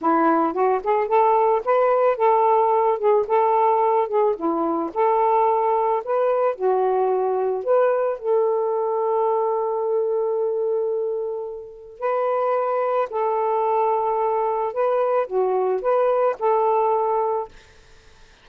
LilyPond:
\new Staff \with { instrumentName = "saxophone" } { \time 4/4 \tempo 4 = 110 e'4 fis'8 gis'8 a'4 b'4 | a'4. gis'8 a'4. gis'8 | e'4 a'2 b'4 | fis'2 b'4 a'4~ |
a'1~ | a'2 b'2 | a'2. b'4 | fis'4 b'4 a'2 | }